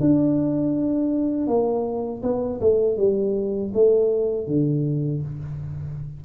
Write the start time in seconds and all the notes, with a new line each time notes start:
0.00 D4
1.46 A#3
2.22 B3
2.60 A3
2.97 G3
3.73 A3
4.47 D3